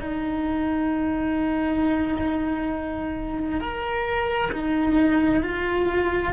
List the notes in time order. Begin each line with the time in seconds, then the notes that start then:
0.00 D#4
3.60 A#4
4.52 D#4
5.42 F4